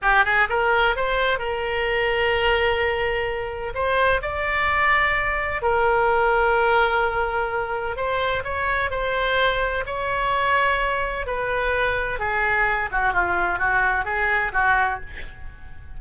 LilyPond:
\new Staff \with { instrumentName = "oboe" } { \time 4/4 \tempo 4 = 128 g'8 gis'8 ais'4 c''4 ais'4~ | ais'1 | c''4 d''2. | ais'1~ |
ais'4 c''4 cis''4 c''4~ | c''4 cis''2. | b'2 gis'4. fis'8 | f'4 fis'4 gis'4 fis'4 | }